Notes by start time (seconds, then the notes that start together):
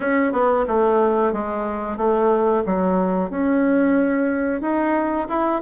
0.00 C#4
0.32 B3
0.67 A3
1.32 G#3
1.97 A3
2.66 F#3
3.30 C#4
4.61 D#4
5.29 E4